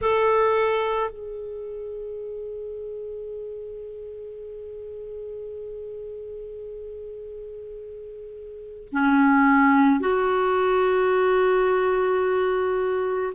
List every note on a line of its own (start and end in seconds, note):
0.01 1.10 A4
1.10 8.88 G#4
8.91 9.99 C#4
9.99 13.33 F#4